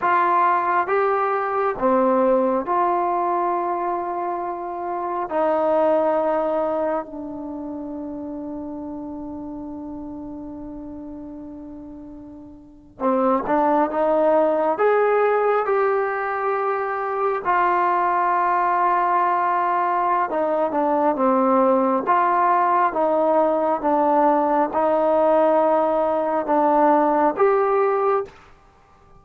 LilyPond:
\new Staff \with { instrumentName = "trombone" } { \time 4/4 \tempo 4 = 68 f'4 g'4 c'4 f'4~ | f'2 dis'2 | d'1~ | d'2~ d'8. c'8 d'8 dis'16~ |
dis'8. gis'4 g'2 f'16~ | f'2. dis'8 d'8 | c'4 f'4 dis'4 d'4 | dis'2 d'4 g'4 | }